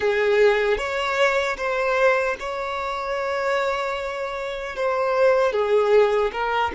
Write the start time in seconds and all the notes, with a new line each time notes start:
0.00 G#4
0.77 C#5
1.57 C5
2.39 C#5
4.75 C5
5.52 G#4
6.32 A#4